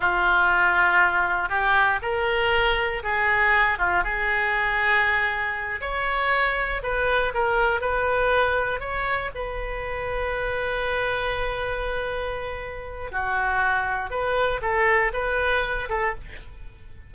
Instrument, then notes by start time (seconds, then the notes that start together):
oboe
0.00 F4
1.49 G4
2.02 A#4
3.03 G#4
3.78 F4
4.03 G#4
5.81 C#5
6.83 B4
7.34 A#4
7.80 B4
8.80 C#5
9.34 B4
13.11 F#4
14.10 B4
14.61 A4
15.13 B4
15.89 A4